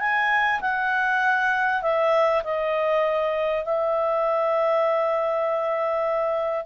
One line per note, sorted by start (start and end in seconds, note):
0.00 0.61 G#5
0.61 1.82 F#5
1.82 2.43 E5
2.44 3.65 D#5
3.65 6.66 E5